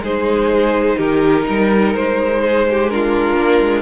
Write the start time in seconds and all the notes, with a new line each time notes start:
0.00 G#3 D#4 G#4 C5
0.97 D#3 G4 A#4
1.46 G3 A#4
1.94 G#3 C5
2.42 G#4
2.70 G4
2.89 D4 F4 A#4
3.36 A#3
3.61 G#3